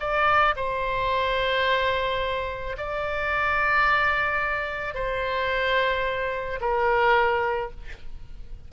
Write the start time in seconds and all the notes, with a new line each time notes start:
0.00 D5
0.57 C5
2.78 D5
4.95 C5
6.61 A#4